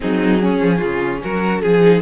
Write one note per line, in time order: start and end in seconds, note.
0.00 0.60 F#3
0.00 0.40 C4
0.00 0.41 D#4
0.00 1.22 G#4
0.40 1.80 C#4
0.40 0.77 C#4
0.60 0.81 F3
0.77 1.22 C#3
0.77 1.18 F4
1.23 1.62 F#3
1.23 1.62 F#4
1.23 1.62 A#4
1.62 2.01 F3
1.62 2.01 G#4
1.80 2.00 D#4